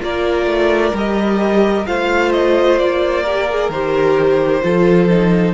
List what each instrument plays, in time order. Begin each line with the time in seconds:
0.00 cello A#3, viola F4, violin A#4 D5
0.46 cello A3
0.93 cello G3, viola G4, violin D#5
1.86 cello A3, viola F4, violin C5 F5
2.32 violin D#5
2.78 cello A#3, violin D5
3.23 viola G4, violin A#4
3.49 viola G#4
3.69 cello D#3, viola G4, violin C5
4.62 cello F3, viola F4, violin A4
5.09 viola D#4